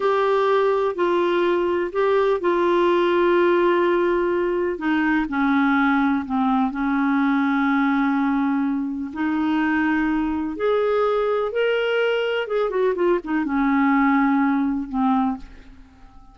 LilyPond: \new Staff \with { instrumentName = "clarinet" } { \time 4/4 \tempo 4 = 125 g'2 f'2 | g'4 f'2.~ | f'2 dis'4 cis'4~ | cis'4 c'4 cis'2~ |
cis'2. dis'4~ | dis'2 gis'2 | ais'2 gis'8 fis'8 f'8 dis'8 | cis'2. c'4 | }